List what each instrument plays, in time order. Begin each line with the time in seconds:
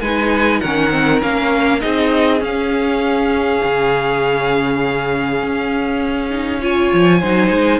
0.00 cello G#3, viola D#4, violin B4 G#5
0.60 cello D#3, viola C#4, violin A#4 F#5
0.90 viola C4
1.22 cello A#3, viola C#4, violin F5
1.79 cello C4, viola D#4, violin G#4 D#5
2.39 viola C#4, cello C#4, violin F5
3.64 cello C#3
5.42 cello C#4
6.30 viola D#4
6.61 viola F4, violin C#5 G#5
6.93 cello F3
7.20 cello F#3, viola D#4, violin C5
7.50 cello G#3